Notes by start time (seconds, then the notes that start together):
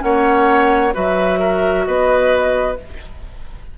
0.00 A#3 C#4 C#5 F#5
0.93 F#3 F#4 B4 E5
1.39 A#4
1.86 B3 B4 D#5